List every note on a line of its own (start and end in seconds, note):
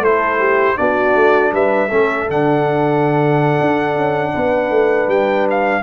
0.00 0.75 A3
0.00 0.77 E4
0.00 0.39 A4
0.00 0.78 C5
0.39 0.77 G4
0.77 1.16 B3
0.77 1.89 D4
0.77 1.53 F#4
0.77 1.53 D5
1.16 1.53 A3
1.53 1.91 G3
1.53 1.89 B4
1.53 2.30 E5
1.89 2.29 A3
1.89 2.29 C#4
1.89 4.33 A4
2.29 3.61 D3
2.29 5.83 D4
2.29 5.10 F#5
3.61 3.96 D4
3.96 4.33 C#4
4.33 4.71 B3
4.33 5.83 B4
4.71 5.08 A3
5.08 5.83 G3
5.08 5.48 G5
5.51 5.83 F5